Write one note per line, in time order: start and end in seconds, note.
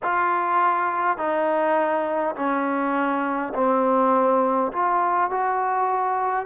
0.02 1.17 F4
1.17 2.35 D#4
2.35 3.53 C#4
3.54 4.72 C4
4.72 5.30 F4
5.30 6.45 F#4